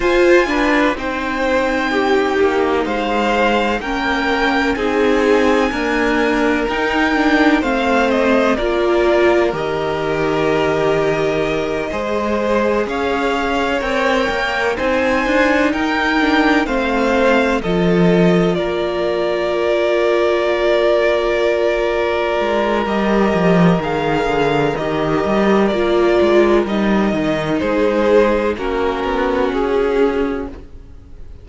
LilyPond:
<<
  \new Staff \with { instrumentName = "violin" } { \time 4/4 \tempo 4 = 63 gis''4 g''2 f''4 | g''4 gis''2 g''4 | f''8 dis''8 d''4 dis''2~ | dis''4. f''4 g''4 gis''8~ |
gis''8 g''4 f''4 dis''4 d''8~ | d''1 | dis''4 f''4 dis''4 d''4 | dis''4 c''4 ais'4 gis'4 | }
  \new Staff \with { instrumentName = "violin" } { \time 4/4 c''8 b'8 c''4 g'4 c''4 | ais'4 gis'4 ais'2 | c''4 ais'2.~ | ais'8 c''4 cis''2 c''8~ |
c''8 ais'4 c''4 a'4 ais'8~ | ais'1~ | ais'1~ | ais'4 gis'4 fis'2 | }
  \new Staff \with { instrumentName = "viola" } { \time 4/4 f'8 d'8 dis'2. | cis'4 dis'4 ais4 dis'8 d'8 | c'4 f'4 g'2~ | g'8 gis'2 ais'4 dis'8~ |
dis'4 d'8 c'4 f'4.~ | f'1 | g'4 gis'4 g'4 f'4 | dis'2 cis'2 | }
  \new Staff \with { instrumentName = "cello" } { \time 4/4 f'4 c'4. ais8 gis4 | ais4 c'4 d'4 dis'4 | a4 ais4 dis2~ | dis8 gis4 cis'4 c'8 ais8 c'8 |
d'8 dis'4 a4 f4 ais8~ | ais2.~ ais8 gis8 | g8 f8 dis8 d8 dis8 g8 ais8 gis8 | g8 dis8 gis4 ais8 b8 cis'4 | }
>>